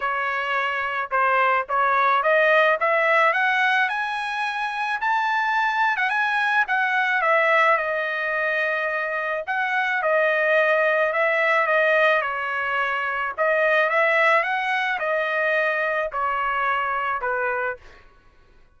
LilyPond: \new Staff \with { instrumentName = "trumpet" } { \time 4/4 \tempo 4 = 108 cis''2 c''4 cis''4 | dis''4 e''4 fis''4 gis''4~ | gis''4 a''4.~ a''16 fis''16 gis''4 | fis''4 e''4 dis''2~ |
dis''4 fis''4 dis''2 | e''4 dis''4 cis''2 | dis''4 e''4 fis''4 dis''4~ | dis''4 cis''2 b'4 | }